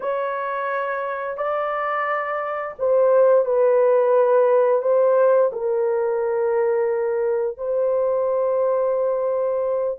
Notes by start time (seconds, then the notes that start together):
0.00 C#5
1.37 D5
2.78 C5
3.45 B4
4.82 C5
5.52 A#4
7.57 C5